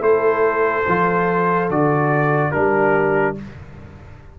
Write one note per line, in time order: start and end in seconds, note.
0.00 0.84 A3
0.00 0.83 E4
0.00 2.50 A4
0.00 1.69 C5
0.88 1.69 F3
0.88 1.71 F4
1.69 2.53 D3
1.69 2.52 F#4
1.69 2.51 D5
2.51 3.39 G3
2.51 3.36 D4
2.51 3.35 G4
2.51 3.35 A#4